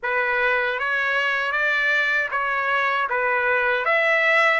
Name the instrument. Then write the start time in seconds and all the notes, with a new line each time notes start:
trumpet
0.02 B4
0.79 C#5
1.52 D5
2.31 C#5
3.09 B4
3.85 E5